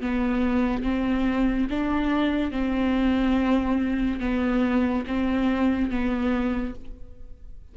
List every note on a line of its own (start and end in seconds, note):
0.00 0.82 B3
0.82 1.67 C4
1.69 2.51 D4
2.51 4.19 C4
4.19 5.04 B3
5.07 5.90 C4
5.90 6.74 B3